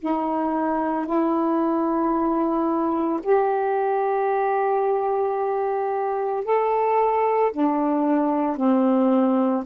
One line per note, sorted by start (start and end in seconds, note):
0.00 1.06 D#4
1.06 3.20 E4
3.23 6.45 G4
6.45 7.52 A4
7.52 8.57 D4
8.57 9.64 C4